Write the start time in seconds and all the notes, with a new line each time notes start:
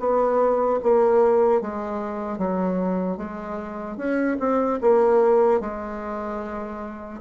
0.00 B3
0.83 A#3
1.61 G#3
2.39 F#3
3.17 G#3
3.97 C#4
4.40 C4
4.82 A#3
5.61 G#3